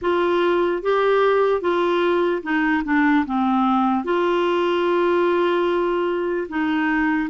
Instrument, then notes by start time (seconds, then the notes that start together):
clarinet
0.01 F4
0.82 G4
1.61 F4
2.42 D#4
2.84 D4
3.25 C4
4.04 F4
6.48 D#4